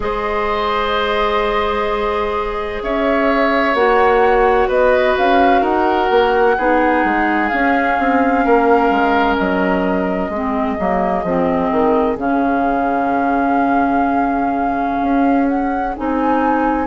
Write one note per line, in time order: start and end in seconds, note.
0.00 2.81 G#3
0.00 3.75 G#4
0.00 2.83 C5
0.00 2.82 D#5
2.82 3.74 C#4
2.82 4.68 C#5
2.82 3.74 E5
3.74 4.67 A#3
3.74 6.57 F#4
3.74 4.68 F#5
4.68 5.15 B3
4.68 5.61 B4
4.68 5.16 D#5
5.17 5.61 C#4
5.17 5.63 F5
5.61 6.08 D#4
5.61 6.54 A#4
5.61 7.48 F#5
6.10 6.56 A#3
6.57 7.04 B3
6.57 7.50 D#4
6.57 8.45 G#4
7.04 7.50 G#3
7.48 10.32 C#4
7.48 7.98 C#4
7.48 9.36 F5
7.98 8.45 C4
8.45 8.90 A#3
8.45 10.30 A#4
8.90 9.37 G#3
9.36 10.29 F#3
9.36 12.18 D#5
10.29 10.76 G#3
10.29 10.77 C4
10.29 16.86 G#4
10.77 11.23 F#3
10.77 11.24 A#3
11.23 11.70 F3
11.23 12.17 C4
11.71 12.17 D#3
12.17 14.98 C#3
12.17 15.92 C#4
12.17 15.47 F5
15.01 15.95 C#4
15.48 15.95 F#5
15.95 16.87 C4
15.95 16.87 D#4
15.95 16.87 G#5